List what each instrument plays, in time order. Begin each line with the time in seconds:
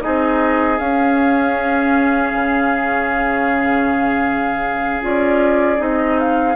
0.00 bassoon C4, clarinet D#4, oboe G#4, flute D#5
0.78 bassoon C#4, clarinet C#4, flute F5
2.33 bassoon C#3
5.01 bassoon C#4, clarinet F4, flute D5
5.76 bassoon C4, clarinet D#4, flute D#5
6.18 flute F5